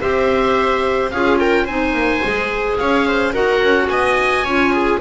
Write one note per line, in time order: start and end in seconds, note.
0.00 1.12 C4
0.00 1.11 G4
0.00 1.12 C5
0.00 1.11 E5
1.11 1.67 C#4
1.11 1.68 F4
1.11 1.40 G#4
1.11 1.38 F5
1.39 1.65 A#4
1.39 1.67 G5
1.65 1.93 C4
1.65 2.24 D#4
1.65 2.76 C5
1.65 2.78 G#5
1.93 2.21 A#3
2.24 2.80 G#3
2.24 3.34 G#4
2.78 3.34 C#4
2.78 3.08 C#5
2.78 3.34 F5
3.08 3.33 C5
3.33 3.62 D#4
3.33 4.45 F#4
3.33 3.88 A#4
3.33 3.89 F#5
3.62 3.89 C#4
3.89 4.44 B3
3.89 4.45 D#5
3.89 5.00 G#5
4.44 5.00 C#4
4.44 5.01 F4
4.44 4.72 C#5
4.73 5.00 G#4